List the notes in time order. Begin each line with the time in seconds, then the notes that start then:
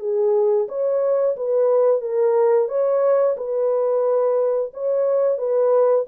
0.00 G#4
0.69 C#5
1.37 B4
2.01 A#4
2.69 C#5
3.37 B4
4.74 C#5
5.38 B4